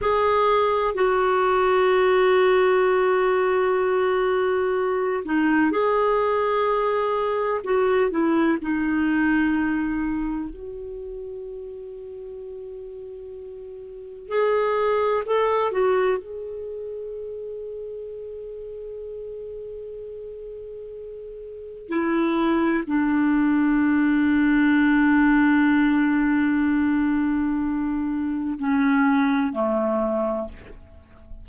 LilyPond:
\new Staff \with { instrumentName = "clarinet" } { \time 4/4 \tempo 4 = 63 gis'4 fis'2.~ | fis'4. dis'8 gis'2 | fis'8 e'8 dis'2 fis'4~ | fis'2. gis'4 |
a'8 fis'8 gis'2.~ | gis'2. e'4 | d'1~ | d'2 cis'4 a4 | }